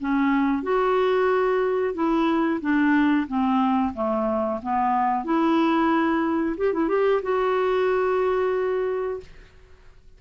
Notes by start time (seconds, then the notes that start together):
0.00 C#4
0.63 F#4
1.94 E4
2.61 D4
3.28 C4
3.94 A3
4.62 B3
5.24 E4
6.58 G4
6.73 E4
6.89 G4
7.22 F#4